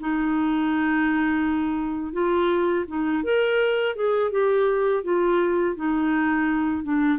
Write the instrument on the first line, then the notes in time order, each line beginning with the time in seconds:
clarinet
0.00 D#4
2.13 F4
2.87 D#4
3.23 A#4
3.96 G#4
4.31 G4
5.03 F4
5.76 D#4
6.84 D4